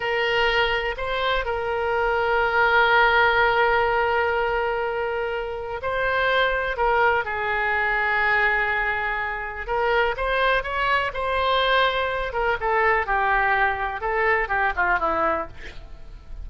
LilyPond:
\new Staff \with { instrumentName = "oboe" } { \time 4/4 \tempo 4 = 124 ais'2 c''4 ais'4~ | ais'1~ | ais'1 | c''2 ais'4 gis'4~ |
gis'1 | ais'4 c''4 cis''4 c''4~ | c''4. ais'8 a'4 g'4~ | g'4 a'4 g'8 f'8 e'4 | }